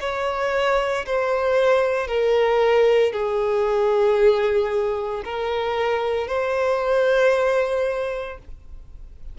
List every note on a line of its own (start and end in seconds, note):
0.00 1.05 C#5
1.06 2.07 C5
2.07 3.12 A#4
3.12 5.23 G#4
5.24 6.27 A#4
6.27 8.38 C5